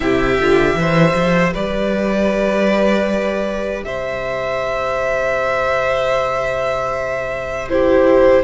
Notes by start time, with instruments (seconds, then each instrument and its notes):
0.00 cello C3, viola E4, violin G4 E5
0.40 cello D3, viola F4
0.75 cello E3, viola G4, violin C5
1.15 cello F3
1.53 cello G3, violin B4 D5
3.83 cello C3, violin C5 E5
7.69 viola E4, violin G4 C5